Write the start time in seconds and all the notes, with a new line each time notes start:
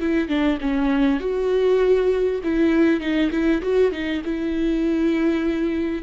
0.00 E4
0.28 D4
0.61 C#4
1.20 F#4
2.44 E4
3.00 D#4
3.31 E4
3.62 F#4
3.92 D#4
4.25 E4